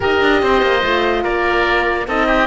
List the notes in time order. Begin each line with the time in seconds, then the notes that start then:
0.00 D#4 G4 A#4 D#5
0.21 D4
0.42 C4 C5
0.62 A#3
0.82 A3 F4
1.23 A#3 A#4 D5
2.07 C4 D#4 A4 D#5
2.26 G4